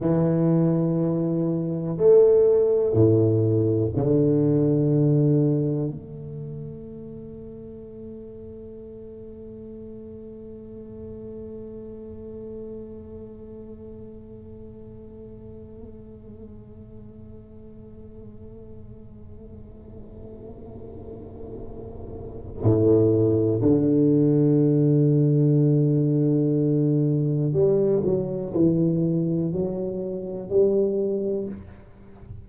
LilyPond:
\new Staff \with { instrumentName = "tuba" } { \time 4/4 \tempo 4 = 61 e2 a4 a,4 | d2 a2~ | a1~ | a1~ |
a1~ | a2. a,4 | d1 | g8 fis8 e4 fis4 g4 | }